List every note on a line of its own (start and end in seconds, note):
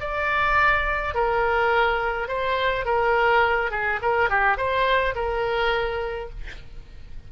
0.00 1.14 D5
1.14 2.28 A#4
2.28 2.85 C5
2.85 3.70 A#4
3.71 3.99 G#4
4.02 4.29 A#4
4.29 4.57 G4
4.57 5.14 C5
5.15 6.29 A#4